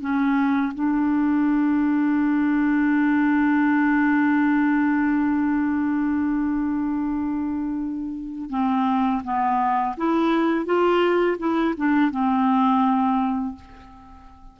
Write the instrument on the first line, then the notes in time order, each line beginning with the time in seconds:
clarinet
0.00 C#4
0.74 D4
8.50 C4
9.23 B3
9.97 E4
10.65 F4
11.38 E4
11.77 D4
12.11 C4